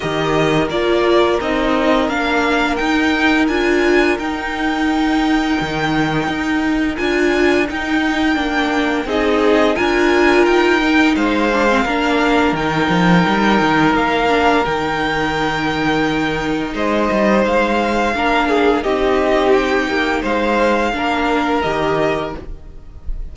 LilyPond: <<
  \new Staff \with { instrumentName = "violin" } { \time 4/4 \tempo 4 = 86 dis''4 d''4 dis''4 f''4 | g''4 gis''4 g''2~ | g''2 gis''4 g''4~ | g''4 dis''4 gis''4 g''4 |
f''2 g''2 | f''4 g''2. | dis''4 f''2 dis''4 | g''4 f''2 dis''4 | }
  \new Staff \with { instrumentName = "violin" } { \time 4/4 ais'1~ | ais'1~ | ais'1~ | ais'4 gis'4 ais'2 |
c''4 ais'2.~ | ais'1 | c''2 ais'8 gis'8 g'4~ | g'4 c''4 ais'2 | }
  \new Staff \with { instrumentName = "viola" } { \time 4/4 g'4 f'4 dis'4 d'4 | dis'4 f'4 dis'2~ | dis'2 f'4 dis'4 | d'4 dis'4 f'4. dis'8~ |
dis'8 d'16 c'16 d'4 dis'2~ | dis'8 d'8 dis'2.~ | dis'2 d'4 dis'4~ | dis'2 d'4 g'4 | }
  \new Staff \with { instrumentName = "cello" } { \time 4/4 dis4 ais4 c'4 ais4 | dis'4 d'4 dis'2 | dis4 dis'4 d'4 dis'4 | ais4 c'4 d'4 dis'4 |
gis4 ais4 dis8 f8 g8 dis8 | ais4 dis2. | gis8 g8 gis4 ais4 c'4~ | c'8 ais8 gis4 ais4 dis4 | }
>>